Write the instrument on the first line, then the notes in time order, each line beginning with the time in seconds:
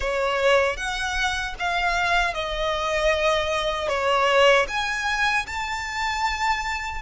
violin
0.00 C#5
0.76 F#5
1.59 F5
2.34 D#5
3.88 C#5
4.68 G#5
5.46 A5